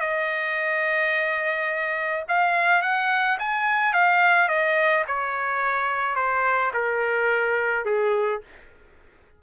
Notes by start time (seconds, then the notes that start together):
0.00 D#5
2.28 F5
2.82 F#5
3.39 G#5
3.93 F5
4.48 D#5
5.07 C#5
6.16 C5
6.73 A#4
7.85 G#4